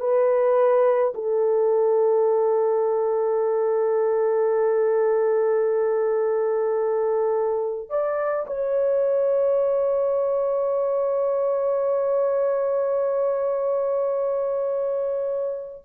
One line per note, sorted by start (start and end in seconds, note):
0.00 1.13 B4
1.14 7.89 A4
7.89 8.46 D5
8.46 15.82 C#5